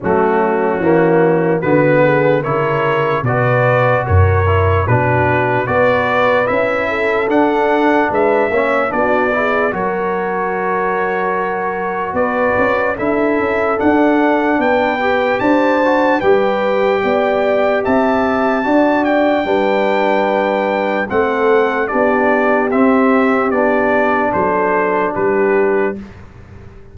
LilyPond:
<<
  \new Staff \with { instrumentName = "trumpet" } { \time 4/4 \tempo 4 = 74 fis'2 b'4 cis''4 | d''4 cis''4 b'4 d''4 | e''4 fis''4 e''4 d''4 | cis''2. d''4 |
e''4 fis''4 g''4 a''4 | g''2 a''4. g''8~ | g''2 fis''4 d''4 | e''4 d''4 c''4 b'4 | }
  \new Staff \with { instrumentName = "horn" } { \time 4/4 cis'2 fis'8 gis'8 ais'4 | b'4 ais'4 fis'4 b'4~ | b'8 a'4. b'8 cis''8 fis'8 gis'8 | ais'2. b'4 |
a'2 b'4 c''4 | b'4 d''4 e''4 d''4 | b'2 a'4 g'4~ | g'2 a'4 g'4 | }
  \new Staff \with { instrumentName = "trombone" } { \time 4/4 a4 ais4 b4 e'4 | fis'4. e'8 d'4 fis'4 | e'4 d'4. cis'8 d'8 e'8 | fis'1 |
e'4 d'4. g'4 fis'8 | g'2. fis'4 | d'2 c'4 d'4 | c'4 d'2. | }
  \new Staff \with { instrumentName = "tuba" } { \time 4/4 fis4 e4 d4 cis4 | b,4 fis,4 b,4 b4 | cis'4 d'4 gis8 ais8 b4 | fis2. b8 cis'8 |
d'8 cis'8 d'4 b4 d'4 | g4 b4 c'4 d'4 | g2 a4 b4 | c'4 b4 fis4 g4 | }
>>